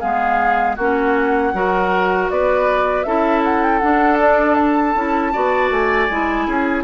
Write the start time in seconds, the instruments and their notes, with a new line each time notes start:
0.00 bassoon G#3, clarinet B3, oboe G#4, flute F5
0.76 bassoon A#3, clarinet C#4, oboe F#4, flute F#5
1.53 bassoon F#3, clarinet F#4, oboe A#4
2.31 bassoon B3, oboe B4, flute D5
3.03 bassoon C#4, clarinet E4, oboe A4, flute E5
3.44 flute F#5
3.63 flute G5
3.79 clarinet D4, bassoon D4, flute F#5
4.20 flute D5
4.56 flute A5
4.96 bassoon C#4, clarinet E4
5.33 bassoon B3, clarinet F#4, oboe D5
5.70 bassoon A3, flute G#5
6.10 bassoon G#3, clarinet E4
6.47 bassoon C#4, oboe G#4